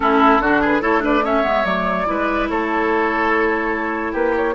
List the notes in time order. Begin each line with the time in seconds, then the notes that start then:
0.00 A3 C#4 E4 A4
0.39 D3 D4 F#4
0.61 G#4 B4
0.81 A3 E4 A4 C#5
1.00 D4 B4 D5
1.23 C#4 C#5 E5
1.42 G#3 B3
1.64 F#3 A3 D5
2.06 G#3 E4 B4
2.49 A3 A4 C#5
4.12 A#3 G4 B4
4.36 C#5